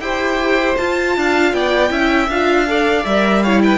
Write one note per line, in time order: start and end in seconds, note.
0.00 0.76 E4
0.00 0.78 G4
0.00 1.17 C5
0.00 0.76 G5
0.77 1.90 F4
0.77 1.17 F4
0.77 1.53 A5
1.17 1.53 D4
1.17 1.56 F5
1.53 1.91 B3
1.53 1.91 D5
1.53 2.29 G5
1.90 2.29 C#4
1.90 2.28 E4
1.90 2.67 E5
2.29 3.05 D4
2.29 2.68 F4
2.29 3.06 F5
2.68 3.06 A4
2.68 3.43 D5
3.05 3.79 G3
3.05 3.46 A#4
3.05 3.43 E5
3.43 3.79 E4
3.43 3.62 C#5
3.43 3.62 F5
3.63 3.79 B4
3.63 3.79 G5